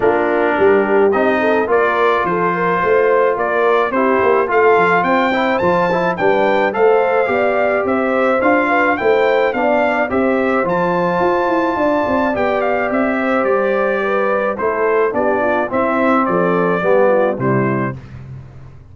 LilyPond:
<<
  \new Staff \with { instrumentName = "trumpet" } { \time 4/4 \tempo 4 = 107 ais'2 dis''4 d''4 | c''2 d''4 c''4 | f''4 g''4 a''4 g''4 | f''2 e''4 f''4 |
g''4 f''4 e''4 a''4~ | a''2 g''8 f''8 e''4 | d''2 c''4 d''4 | e''4 d''2 c''4 | }
  \new Staff \with { instrumentName = "horn" } { \time 4/4 f'4 g'4. a'8 ais'4 | a'8 ais'8 c''4 ais'4 g'4 | a'4 c''2 b'4 | c''4 d''4 c''4. b'8 |
c''4 d''4 c''2~ | c''4 d''2~ d''8 c''8~ | c''4 b'4 a'4 g'8 f'8 | e'4 a'4 g'8 f'8 e'4 | }
  \new Staff \with { instrumentName = "trombone" } { \time 4/4 d'2 dis'4 f'4~ | f'2. e'4 | f'4. e'8 f'8 e'8 d'4 | a'4 g'2 f'4 |
e'4 d'4 g'4 f'4~ | f'2 g'2~ | g'2 e'4 d'4 | c'2 b4 g4 | }
  \new Staff \with { instrumentName = "tuba" } { \time 4/4 ais4 g4 c'4 ais4 | f4 a4 ais4 c'8 ais8 | a8 f8 c'4 f4 g4 | a4 b4 c'4 d'4 |
a4 b4 c'4 f4 | f'8 e'8 d'8 c'8 b4 c'4 | g2 a4 b4 | c'4 f4 g4 c4 | }
>>